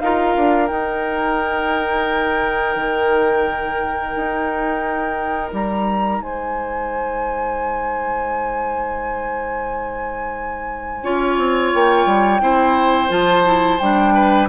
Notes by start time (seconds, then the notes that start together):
0.00 D#4 F4 A#4 F5
0.36 D4
0.68 D#4 G5
2.76 D#3
4.16 D#4
5.53 G3 A#5
6.20 G#3 C5 G#5
11.03 C#4 F4 C#5
11.38 C4
11.74 A#3 G5
12.06 G3
12.41 C4 E4 C5
13.09 F3 F4 A5
13.45 E4
13.80 G3 D4 G5
14.14 B4